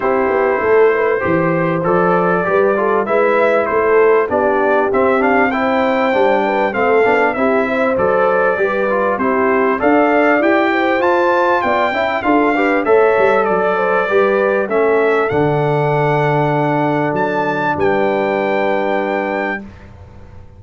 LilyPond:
<<
  \new Staff \with { instrumentName = "trumpet" } { \time 4/4 \tempo 4 = 98 c''2. d''4~ | d''4 e''4 c''4 d''4 | e''8 f''8 g''2 f''4 | e''4 d''2 c''4 |
f''4 g''4 a''4 g''4 | f''4 e''4 d''2 | e''4 fis''2. | a''4 g''2. | }
  \new Staff \with { instrumentName = "horn" } { \time 4/4 g'4 a'8 b'8 c''2 | b'8 a'8 b'4 a'4 g'4~ | g'4 c''4. b'8 a'4 | g'8 c''4. b'4 g'4 |
d''4. c''4. d''8 e''8 | a'8 b'8 cis''4 d''8 c''8 b'4 | a'1~ | a'4 b'2. | }
  \new Staff \with { instrumentName = "trombone" } { \time 4/4 e'2 g'4 a'4 | g'8 f'8 e'2 d'4 | c'8 d'8 e'4 d'4 c'8 d'8 | e'4 a'4 g'8 f'8 e'4 |
a'4 g'4 f'4. e'8 | f'8 g'8 a'2 g'4 | cis'4 d'2.~ | d'1 | }
  \new Staff \with { instrumentName = "tuba" } { \time 4/4 c'8 b8 a4 e4 f4 | g4 gis4 a4 b4 | c'2 g4 a8 b8 | c'4 fis4 g4 c'4 |
d'4 e'4 f'4 b8 cis'8 | d'4 a8 g8 fis4 g4 | a4 d2. | fis4 g2. | }
>>